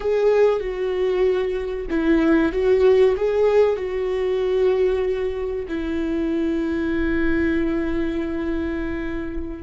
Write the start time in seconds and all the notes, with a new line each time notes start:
0.00 G#4
0.60 F#4
1.90 E4
2.52 F#4
3.16 G#4
3.76 F#4
5.68 E4